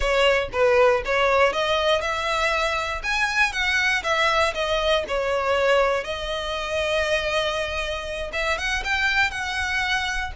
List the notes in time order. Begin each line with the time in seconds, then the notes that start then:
0.00 C#5
0.52 B4
1.05 C#5
1.52 D#5
2.01 E5
3.03 G#5
3.52 F#5
4.03 E5
4.54 D#5
5.08 C#5
6.04 D#5
8.32 E5
8.58 F#5
8.83 G5
9.30 F#5